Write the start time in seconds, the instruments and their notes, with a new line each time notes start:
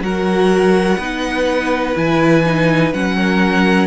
0.00 cello F#3, viola F#4, violin A#4 F#5
0.97 cello B3, viola D#4, violin B4
1.95 cello E3, viola E4, violin G#5
2.45 viola D#4
2.93 cello F#3, viola C#4, violin F#5
3.17 violin A#4